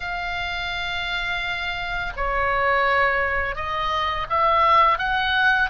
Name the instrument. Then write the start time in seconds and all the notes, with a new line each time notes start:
oboe
0.00 F5
2.16 C#5
3.55 D#5
4.29 E5
4.98 F#5